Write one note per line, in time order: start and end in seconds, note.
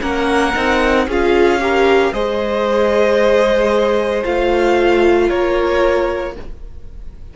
0.00 0.54 A#3
0.00 0.53 C#4
0.00 1.06 A#4
0.00 1.07 F#5
0.55 1.06 C4
0.55 1.07 D#4
1.06 2.12 C#4
1.06 1.60 F4
1.06 1.60 G#4
1.06 2.13 F5
1.60 2.12 G4
1.60 2.12 A#4
2.12 4.23 G#3
2.12 4.23 G#4
2.12 5.28 C5
2.12 4.23 D#5
4.23 5.30 A3
4.23 6.34 F4
4.23 5.29 F5
5.28 6.36 A#3
5.28 6.33 A#4
5.28 6.34 C#5